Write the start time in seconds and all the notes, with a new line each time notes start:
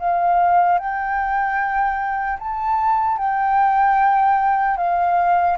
0.00 F5
0.79 G5
2.39 A5
3.18 G5
4.77 F5